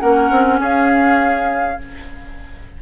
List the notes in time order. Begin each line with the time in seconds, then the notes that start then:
0.00 A#3 C#4 A#4 F#5
0.30 C4
0.60 C#4 G#4 F5